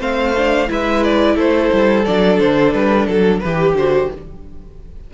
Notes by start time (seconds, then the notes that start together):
0.00 A3 C4 C5 F5
0.37 D4
0.68 G#3 E4 B4 E5
1.04 D5
1.35 A3 A4 C5
1.73 G3
2.05 F#3 D4 D5
2.39 D3 C5
2.73 G3 B4
3.07 F#3 A4
3.40 E3 G4 B4
3.74 D3 F#4 C5